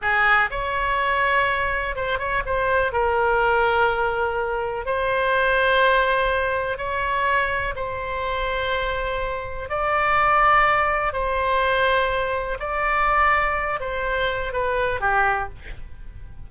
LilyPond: \new Staff \with { instrumentName = "oboe" } { \time 4/4 \tempo 4 = 124 gis'4 cis''2. | c''8 cis''8 c''4 ais'2~ | ais'2 c''2~ | c''2 cis''2 |
c''1 | d''2. c''4~ | c''2 d''2~ | d''8 c''4. b'4 g'4 | }